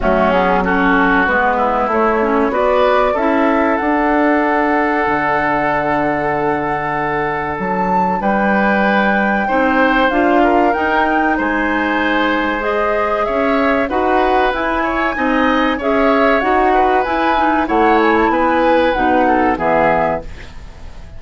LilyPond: <<
  \new Staff \with { instrumentName = "flute" } { \time 4/4 \tempo 4 = 95 fis'8 gis'8 a'4 b'4 cis''4 | d''4 e''4 fis''2~ | fis''1 | a''4 g''2. |
f''4 g''4 gis''2 | dis''4 e''4 fis''4 gis''4~ | gis''4 e''4 fis''4 gis''4 | fis''8 gis''16 a''16 gis''4 fis''4 e''4 | }
  \new Staff \with { instrumentName = "oboe" } { \time 4/4 cis'4 fis'4. e'4. | b'4 a'2.~ | a'1~ | a'4 b'2 c''4~ |
c''8 ais'4. c''2~ | c''4 cis''4 b'4. cis''8 | dis''4 cis''4. b'4. | cis''4 b'4. a'8 gis'4 | }
  \new Staff \with { instrumentName = "clarinet" } { \time 4/4 a8 b8 cis'4 b4 a8 cis'8 | fis'4 e'4 d'2~ | d'1~ | d'2. dis'4 |
f'4 dis'2. | gis'2 fis'4 e'4 | dis'4 gis'4 fis'4 e'8 dis'8 | e'2 dis'4 b4 | }
  \new Staff \with { instrumentName = "bassoon" } { \time 4/4 fis2 gis4 a4 | b4 cis'4 d'2 | d1 | fis4 g2 c'4 |
d'4 dis'4 gis2~ | gis4 cis'4 dis'4 e'4 | c'4 cis'4 dis'4 e'4 | a4 b4 b,4 e4 | }
>>